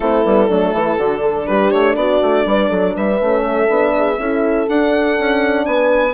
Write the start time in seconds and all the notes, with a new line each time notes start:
0.00 A3 C4 E4 A4
0.23 G3 B3
0.49 F#3 A3 D4
0.73 E3 E4
0.98 D3 D4 F#4
1.21 A4
1.46 G3 G4 B4
1.70 A3 C#5
1.95 B3 F#4 D5
2.22 A3
2.45 G3 B4
2.69 F#3 A4
2.95 G3 B4 E5
3.19 A3 C#4
3.43 A4
3.68 B3 D4
3.97 G#4
4.17 C#4 E4 A4
4.68 D4 F#5
5.18 C#4
5.65 B3 B4 G#5